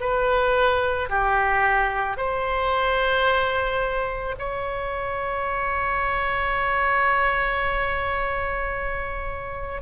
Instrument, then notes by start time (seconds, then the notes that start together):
oboe
0.00 B4
1.10 G4
2.17 C5
4.38 C#5